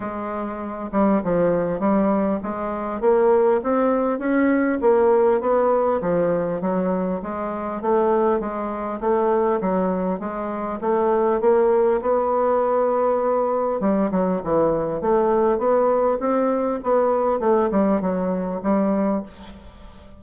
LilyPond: \new Staff \with { instrumentName = "bassoon" } { \time 4/4 \tempo 4 = 100 gis4. g8 f4 g4 | gis4 ais4 c'4 cis'4 | ais4 b4 f4 fis4 | gis4 a4 gis4 a4 |
fis4 gis4 a4 ais4 | b2. g8 fis8 | e4 a4 b4 c'4 | b4 a8 g8 fis4 g4 | }